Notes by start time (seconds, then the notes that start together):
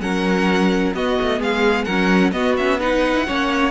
0.00 F#3 C#4 A#4 F#5
0.94 B3 F#4 D#5
1.22 A3
1.39 G#3 G#4 F5
1.84 F#3 C#4 A#4 F#5
2.31 B3 F#4 D#5
2.56 C#4 E5
2.79 D#4 B4 F#5
3.14 E4
3.26 A#3 C#4 C#5